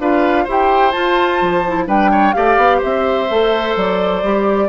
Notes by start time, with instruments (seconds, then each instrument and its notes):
0.00 bassoon D4, clarinet F4, oboe B4, flute F5
0.44 bassoon E4, clarinet G4, oboe C5
0.52 flute G5
0.92 clarinet F4, bassoon F4, flute A5
1.42 bassoon F3
1.68 clarinet E4
1.87 bassoon G3, clarinet D4, oboe B4, flute G5
2.12 oboe C#5
2.33 bassoon A3, clarinet G4, oboe D5, flute F5
2.57 bassoon B3
2.78 oboe C5, flute E5
2.84 bassoon C4
3.30 bassoon A3, clarinet A4
3.76 bassoon F#3, flute D5
4.23 bassoon G3, clarinet G4